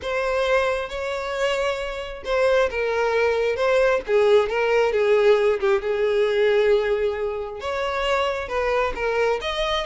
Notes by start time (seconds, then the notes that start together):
0.02 C5
0.89 C#5
2.24 C5
2.70 A#4
3.56 C5
4.06 G#4
4.49 A#4
4.92 G#4
5.59 G4
5.81 G#4
7.60 C#5
8.48 B4
8.95 A#4
9.41 D#5